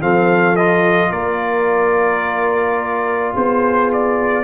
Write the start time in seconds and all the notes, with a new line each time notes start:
0.00 F3 C4 A4 F5
0.56 F4 D#5
1.10 A#3 A#4 D5
3.33 B3 G#4 C5
3.92 D5